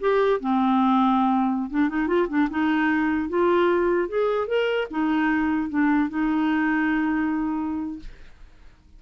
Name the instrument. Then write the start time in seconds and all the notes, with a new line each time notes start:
clarinet
0.00 G4
0.40 C4
1.70 D4
1.89 D#4
2.07 F4
2.28 D4
2.50 D#4
3.29 F4
4.08 G#4
4.47 A#4
4.90 D#4
5.69 D4
6.09 D#4